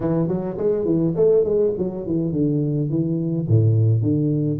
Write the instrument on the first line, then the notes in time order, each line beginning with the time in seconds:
tuba
0.00 E3
0.28 F#3
0.57 G#3
0.85 E3
1.16 A3
1.44 G#3
1.78 F#3
2.06 E3
2.32 D3
2.89 E3
3.48 A2
4.01 D3